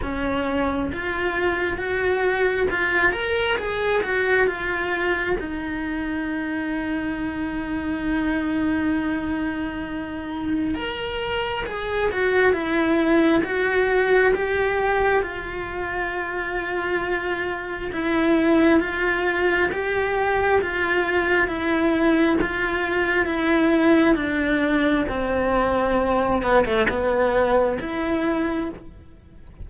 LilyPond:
\new Staff \with { instrumentName = "cello" } { \time 4/4 \tempo 4 = 67 cis'4 f'4 fis'4 f'8 ais'8 | gis'8 fis'8 f'4 dis'2~ | dis'1 | ais'4 gis'8 fis'8 e'4 fis'4 |
g'4 f'2. | e'4 f'4 g'4 f'4 | e'4 f'4 e'4 d'4 | c'4. b16 a16 b4 e'4 | }